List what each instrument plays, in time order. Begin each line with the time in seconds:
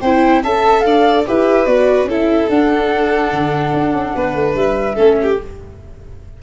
0.00 tuba C4, viola E4, violin C5, flute G5
0.43 tuba C#4, viola A4, violin E5, flute A5
0.80 tuba D4, flute F5
0.86 violin D5
1.25 tuba E4, viola G4, violin B4, flute E5
1.66 tuba B3, viola F#4, flute D5
2.04 tuba C#4, viola E4, violin A4
2.11 flute E5
2.49 tuba D4, viola D4, flute F#5
3.31 tuba D3
3.73 tuba D4
3.93 tuba C#4
4.15 tuba B3, violin B4
4.34 tuba A3
4.54 tuba G3, flute E5
4.95 tuba A3, viola C#4, violin A4
5.22 violin G4